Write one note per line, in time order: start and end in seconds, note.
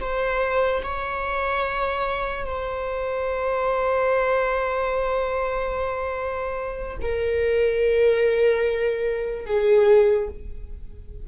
0.00 0.82 C5
0.83 2.45 C#5
2.45 6.98 C5
7.01 9.46 A#4
9.46 10.28 G#4